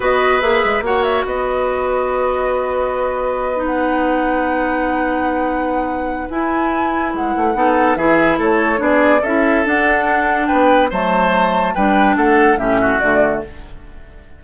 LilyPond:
<<
  \new Staff \with { instrumentName = "flute" } { \time 4/4 \tempo 4 = 143 dis''4 e''4 fis''8 e''8 dis''4~ | dis''1~ | dis''8. fis''2.~ fis''16~ | fis''2. gis''4~ |
gis''4 fis''2 e''4 | cis''4 d''4 e''4 fis''4~ | fis''4 g''4 a''2 | g''4 fis''4 e''4 d''4 | }
  \new Staff \with { instrumentName = "oboe" } { \time 4/4 b'2 cis''4 b'4~ | b'1~ | b'1~ | b'1~ |
b'2 a'4 gis'4 | a'4 gis'4 a'2~ | a'4 b'4 c''2 | b'4 a'4 g'8 fis'4. | }
  \new Staff \with { instrumentName = "clarinet" } { \time 4/4 fis'4 gis'4 fis'2~ | fis'1~ | fis'8 dis'2.~ dis'8~ | dis'2. e'4~ |
e'2 dis'4 e'4~ | e'4 d'4 e'4 d'4~ | d'2 a2 | d'2 cis'4 a4 | }
  \new Staff \with { instrumentName = "bassoon" } { \time 4/4 b4 ais8 gis8 ais4 b4~ | b1~ | b1~ | b2. e'4~ |
e'4 gis8 a8 b4 e4 | a4 b4 cis'4 d'4~ | d'4 b4 fis2 | g4 a4 a,4 d4 | }
>>